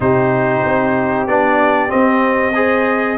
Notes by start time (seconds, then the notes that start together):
0.00 C3 D#4 G4 C5
0.64 C4
1.27 B3 D4 D5
1.89 C4 D#5
2.55 G#4 C5